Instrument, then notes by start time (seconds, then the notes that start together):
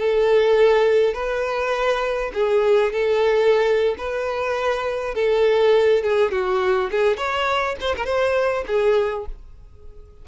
violin
0.00 A4
1.14 B4
2.34 G#4
2.93 A4
3.98 B4
5.15 A4
6.03 G#4
6.32 F#4
6.91 G#4
7.17 C#5
7.81 C5
7.97 A#4
8.06 C5
8.68 G#4